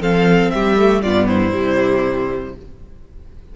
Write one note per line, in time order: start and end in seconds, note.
0.00 0.51 F3
0.00 0.77 C4
0.00 0.52 A4
0.00 0.50 F5
0.50 1.05 G3
0.50 1.03 G4
0.50 1.01 E5
0.77 1.02 A3
1.02 1.54 G2
1.02 1.52 B3
1.02 1.27 F4
1.02 1.27 D5
1.27 2.54 E4
1.27 2.54 C5
1.52 2.56 C3
1.52 2.53 G3